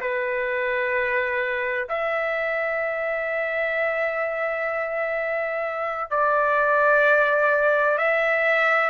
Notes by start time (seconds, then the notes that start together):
0.00 B4
1.88 E5
6.10 D5
7.98 E5